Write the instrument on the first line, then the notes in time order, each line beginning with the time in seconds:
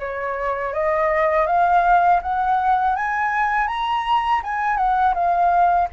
flute
0.00 C#5
0.74 D#5
1.47 F5
2.23 F#5
2.96 G#5
3.68 A#5
4.44 G#5
4.77 F#5
5.15 F5